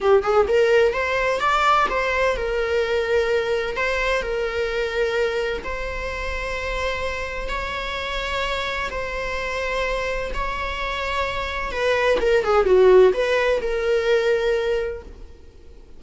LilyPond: \new Staff \with { instrumentName = "viola" } { \time 4/4 \tempo 4 = 128 g'8 gis'8 ais'4 c''4 d''4 | c''4 ais'2. | c''4 ais'2. | c''1 |
cis''2. c''4~ | c''2 cis''2~ | cis''4 b'4 ais'8 gis'8 fis'4 | b'4 ais'2. | }